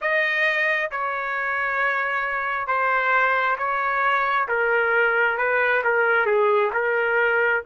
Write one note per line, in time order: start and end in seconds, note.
0.01 0.90 D#5
0.91 2.67 C#5
2.67 3.57 C5
3.58 4.47 C#5
4.48 5.37 A#4
5.37 5.82 B4
5.84 6.26 A#4
6.26 6.70 G#4
6.73 7.62 A#4